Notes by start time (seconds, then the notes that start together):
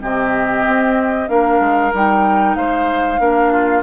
0.00 C3 C4 G4 D#5
0.67 C4
1.28 A#3 D4 A#4 F5
1.60 G#3
1.93 G3 D#4 G5
2.55 G#3 C5 F5
3.19 A#3 D4 A#4
3.52 F4